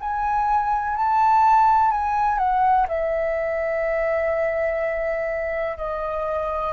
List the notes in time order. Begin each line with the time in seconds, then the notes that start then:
0.00 G#5
0.96 A5
1.91 G#5
2.38 F#5
2.88 E5
5.78 D#5